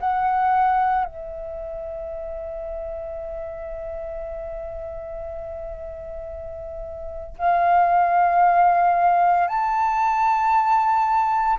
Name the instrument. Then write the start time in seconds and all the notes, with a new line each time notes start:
flute
0.00 F#5
1.04 E5
7.38 F5
9.47 A5